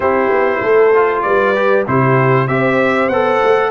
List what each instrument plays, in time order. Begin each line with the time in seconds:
0.00 tuba C4, trombone E4, horn G4, trumpet C5
0.30 tuba B3
0.62 tuba A3, horn A4
0.94 trombone F4
1.22 tuba G3, horn B4, trumpet D5
1.55 trombone G4
1.87 tuba C3, trombone E4, horn G4, trumpet C5
2.47 tuba C4, trombone G4, horn C5, trumpet E5
3.08 tuba B3, trombone A4, trumpet F#5
3.43 tuba A3